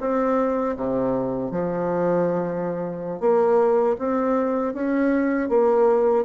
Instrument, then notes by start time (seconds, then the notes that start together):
bassoon
0.00 C4
0.77 C3
1.51 F3
3.20 A#3
3.98 C4
4.74 C#4
5.49 A#3